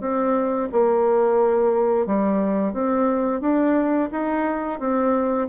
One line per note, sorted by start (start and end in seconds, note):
0.00 0.68 C4
0.72 2.06 A#3
2.06 2.73 G3
2.73 3.41 C4
3.41 4.09 D4
4.12 4.80 D#4
4.80 5.48 C4